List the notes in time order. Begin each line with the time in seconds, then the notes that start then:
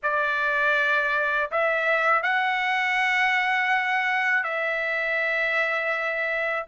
0.02 D5
1.51 E5
2.23 F#5
4.43 E5